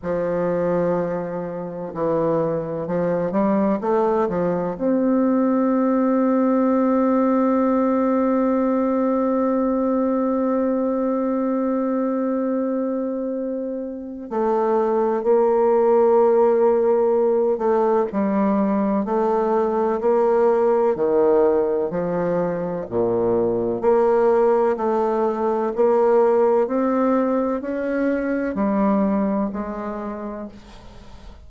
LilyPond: \new Staff \with { instrumentName = "bassoon" } { \time 4/4 \tempo 4 = 63 f2 e4 f8 g8 | a8 f8 c'2.~ | c'1~ | c'2. a4 |
ais2~ ais8 a8 g4 | a4 ais4 dis4 f4 | ais,4 ais4 a4 ais4 | c'4 cis'4 g4 gis4 | }